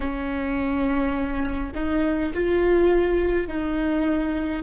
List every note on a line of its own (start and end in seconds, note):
0.00 1.73 C#4
1.74 2.32 D#4
2.34 3.47 F4
3.47 4.62 D#4